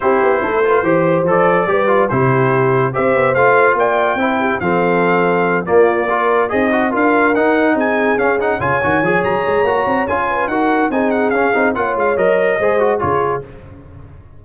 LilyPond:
<<
  \new Staff \with { instrumentName = "trumpet" } { \time 4/4 \tempo 4 = 143 c''2. d''4~ | d''4 c''2 e''4 | f''4 g''2 f''4~ | f''4. d''2 dis''8~ |
dis''8 f''4 fis''4 gis''4 f''8 | fis''8 gis''4. ais''2 | gis''4 fis''4 gis''8 fis''8 f''4 | fis''8 f''8 dis''2 cis''4 | }
  \new Staff \with { instrumentName = "horn" } { \time 4/4 g'4 a'8 b'8 c''2 | b'4 g'2 c''4~ | c''4 d''4 c''8 g'8 a'4~ | a'4. f'4 ais'4 dis'8~ |
dis'8 ais'2 gis'4.~ | gis'8 cis''2.~ cis''8~ | cis''8 b'8 ais'4 gis'2 | cis''2 c''4 gis'4 | }
  \new Staff \with { instrumentName = "trombone" } { \time 4/4 e'4. f'8 g'4 a'4 | g'8 f'8 e'2 g'4 | f'2 e'4 c'4~ | c'4. ais4 f'4 gis'8 |
fis'8 f'4 dis'2 cis'8 | dis'8 f'8 fis'8 gis'4. fis'4 | f'4 fis'4 dis'4 cis'8 dis'8 | f'4 ais'4 gis'8 fis'8 f'4 | }
  \new Staff \with { instrumentName = "tuba" } { \time 4/4 c'8 b8 a4 e4 f4 | g4 c2 c'8 b8 | a4 ais4 c'4 f4~ | f4. ais2 c'8~ |
c'8 d'4 dis'4 c'4 cis'8~ | cis'8 cis8 dis8 f8 fis8 gis8 ais8 c'8 | cis'4 dis'4 c'4 cis'8 c'8 | ais8 gis8 fis4 gis4 cis4 | }
>>